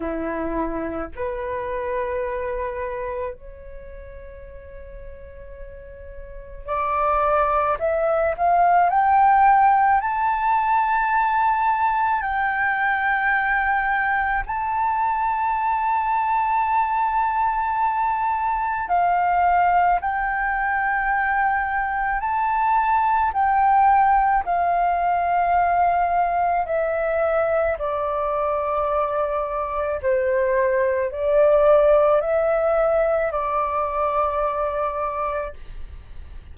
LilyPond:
\new Staff \with { instrumentName = "flute" } { \time 4/4 \tempo 4 = 54 e'4 b'2 cis''4~ | cis''2 d''4 e''8 f''8 | g''4 a''2 g''4~ | g''4 a''2.~ |
a''4 f''4 g''2 | a''4 g''4 f''2 | e''4 d''2 c''4 | d''4 e''4 d''2 | }